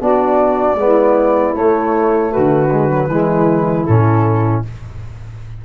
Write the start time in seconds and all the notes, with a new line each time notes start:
0.00 B3 D4 F#4 D5
0.75 G#3 B3
0.82 E4
1.54 A3 C#5
2.31 F#4 B4
2.37 D3
2.71 G#3
2.90 F#3
3.08 E3 G#3 E4
3.86 A2 C#4 A4